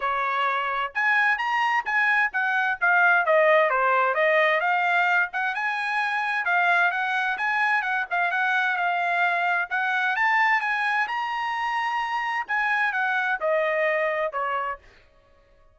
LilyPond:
\new Staff \with { instrumentName = "trumpet" } { \time 4/4 \tempo 4 = 130 cis''2 gis''4 ais''4 | gis''4 fis''4 f''4 dis''4 | c''4 dis''4 f''4. fis''8 | gis''2 f''4 fis''4 |
gis''4 fis''8 f''8 fis''4 f''4~ | f''4 fis''4 a''4 gis''4 | ais''2. gis''4 | fis''4 dis''2 cis''4 | }